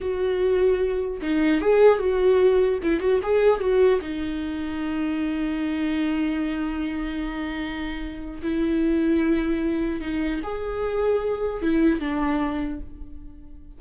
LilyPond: \new Staff \with { instrumentName = "viola" } { \time 4/4 \tempo 4 = 150 fis'2. dis'4 | gis'4 fis'2 e'8 fis'8 | gis'4 fis'4 dis'2~ | dis'1~ |
dis'1~ | dis'4 e'2.~ | e'4 dis'4 gis'2~ | gis'4 e'4 d'2 | }